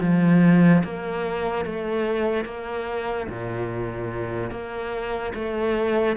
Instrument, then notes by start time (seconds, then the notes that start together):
cello
0.00 F3
0.84 A#3
1.65 A3
2.45 A#3
3.28 A#2
4.50 A#3
5.34 A3